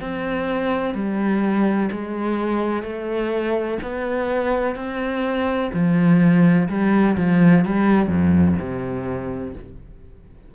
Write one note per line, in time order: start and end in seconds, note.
0.00 0.94 C4
0.94 1.90 G3
1.92 2.83 G#3
2.83 3.78 A3
3.82 4.76 B3
4.76 5.71 C4
5.73 6.68 F3
6.69 7.16 G3
7.17 7.65 F3
7.65 8.08 G3
8.08 8.55 F2
8.59 9.55 C3